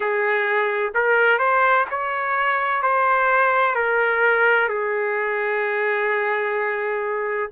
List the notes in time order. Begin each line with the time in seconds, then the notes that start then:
0.00 G#4
0.94 A#4
1.38 C5
1.90 C#5
2.82 C5
3.75 A#4
4.68 G#4